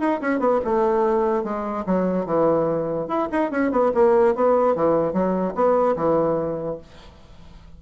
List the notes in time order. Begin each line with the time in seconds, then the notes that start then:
0.00 D#4
0.21 C#4
0.40 B3
0.65 A3
1.44 G#3
1.86 F#3
2.26 E3
3.08 E4
3.32 D#4
3.51 C#4
3.72 B3
3.94 A#3
4.35 B3
4.76 E3
5.13 F#3
5.55 B3
5.96 E3